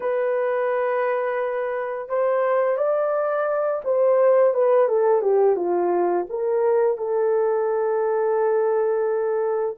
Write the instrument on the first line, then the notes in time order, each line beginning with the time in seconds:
horn
0.00 B4
2.08 C5
2.77 D5
3.84 C5
4.53 B4
4.88 A4
5.21 G4
5.56 F4
6.29 A#4
6.97 A4